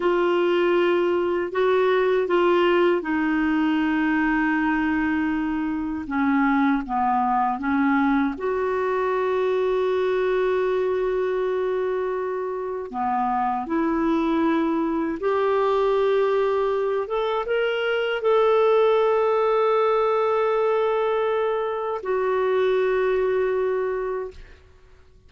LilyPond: \new Staff \with { instrumentName = "clarinet" } { \time 4/4 \tempo 4 = 79 f'2 fis'4 f'4 | dis'1 | cis'4 b4 cis'4 fis'4~ | fis'1~ |
fis'4 b4 e'2 | g'2~ g'8 a'8 ais'4 | a'1~ | a'4 fis'2. | }